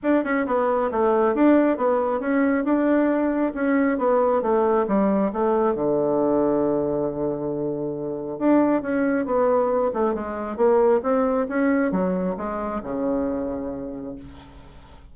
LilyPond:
\new Staff \with { instrumentName = "bassoon" } { \time 4/4 \tempo 4 = 136 d'8 cis'8 b4 a4 d'4 | b4 cis'4 d'2 | cis'4 b4 a4 g4 | a4 d2.~ |
d2. d'4 | cis'4 b4. a8 gis4 | ais4 c'4 cis'4 fis4 | gis4 cis2. | }